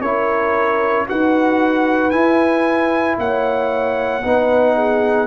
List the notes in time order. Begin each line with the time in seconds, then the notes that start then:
0.00 C#4 E4 A#4 C#5
1.07 D#4 F#4 B4 F#5
2.10 E4 G#5
3.18 A#3 C#5 F#5
4.23 B3 D#4 B4
4.75 G#4